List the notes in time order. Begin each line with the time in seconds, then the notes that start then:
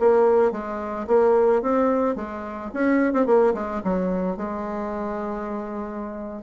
0.00 A#3
0.52 G#3
1.08 A#3
1.62 C4
2.16 G#3
2.74 C#4
3.13 C4
3.27 A#3
3.54 G#3
3.84 F#3
4.37 G#3